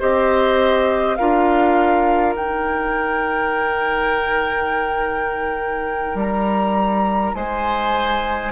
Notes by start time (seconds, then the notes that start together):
0.00 C4 G4 C5 D#5
1.16 D4 F4 A#4 F5
2.35 D#4 G5
6.15 G3 A#5
7.35 G#3 C5 G#5